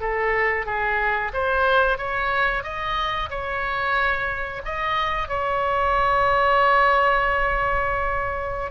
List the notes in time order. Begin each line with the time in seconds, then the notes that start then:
0.00 A4
0.66 G#4
1.33 C5
1.98 C#5
2.63 D#5
3.30 C#5
4.65 D#5
5.28 C#5